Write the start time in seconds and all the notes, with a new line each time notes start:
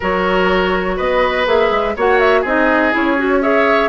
0.00 F#3 F#4 A#4 C#5
0.96 B3 B4 D#5
1.46 A#3 G#4 E5
1.71 G#3
1.96 A#3 F#4 C#5 F#5
2.19 E5
2.41 C4 D#4 G#4 D#5
2.91 C#4 E4 C#5
3.17 F#4
3.42 G#4 C#5 E5